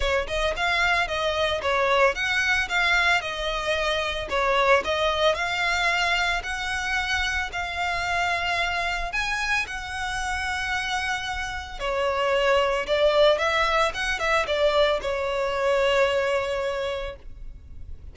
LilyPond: \new Staff \with { instrumentName = "violin" } { \time 4/4 \tempo 4 = 112 cis''8 dis''8 f''4 dis''4 cis''4 | fis''4 f''4 dis''2 | cis''4 dis''4 f''2 | fis''2 f''2~ |
f''4 gis''4 fis''2~ | fis''2 cis''2 | d''4 e''4 fis''8 e''8 d''4 | cis''1 | }